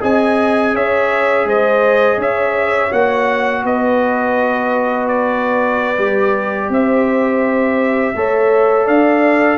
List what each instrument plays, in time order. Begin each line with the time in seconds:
0.00 tuba C4, trombone G#4, horn D#5, trumpet G#5
0.73 tuba C#4, horn C#5, trumpet E5
1.45 tuba G#3, horn C5, trumpet D#5
2.17 tuba C#4, horn C#5, trumpet E5
2.89 tuba A#3, trombone F#4, trumpet F#5
3.63 tuba B3, horn B4, trumpet D#5
5.08 trumpet D5
5.98 tuba G3, trombone G4
6.69 tuba C4, horn C5, trumpet E5
8.15 tuba A3, trombone A4, horn C#5
8.86 tuba D4, horn D5, trumpet F5